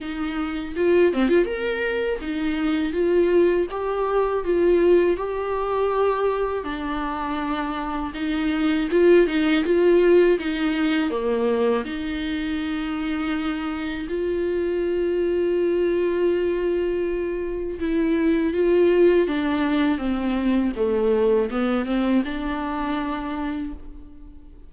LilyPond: \new Staff \with { instrumentName = "viola" } { \time 4/4 \tempo 4 = 81 dis'4 f'8 c'16 f'16 ais'4 dis'4 | f'4 g'4 f'4 g'4~ | g'4 d'2 dis'4 | f'8 dis'8 f'4 dis'4 ais4 |
dis'2. f'4~ | f'1 | e'4 f'4 d'4 c'4 | a4 b8 c'8 d'2 | }